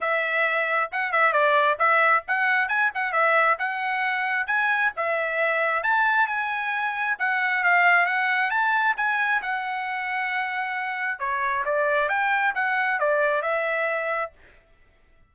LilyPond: \new Staff \with { instrumentName = "trumpet" } { \time 4/4 \tempo 4 = 134 e''2 fis''8 e''8 d''4 | e''4 fis''4 gis''8 fis''8 e''4 | fis''2 gis''4 e''4~ | e''4 a''4 gis''2 |
fis''4 f''4 fis''4 a''4 | gis''4 fis''2.~ | fis''4 cis''4 d''4 g''4 | fis''4 d''4 e''2 | }